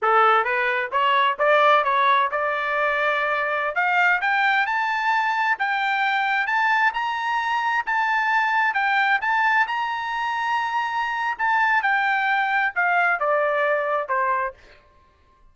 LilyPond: \new Staff \with { instrumentName = "trumpet" } { \time 4/4 \tempo 4 = 132 a'4 b'4 cis''4 d''4 | cis''4 d''2.~ | d''16 f''4 g''4 a''4.~ a''16~ | a''16 g''2 a''4 ais''8.~ |
ais''4~ ais''16 a''2 g''8.~ | g''16 a''4 ais''2~ ais''8.~ | ais''4 a''4 g''2 | f''4 d''2 c''4 | }